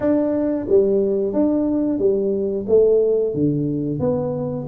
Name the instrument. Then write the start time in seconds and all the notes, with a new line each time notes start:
tuba
0.00 D4
0.68 G3
1.33 D4
1.98 G3
2.68 A3
3.34 D3
3.99 B3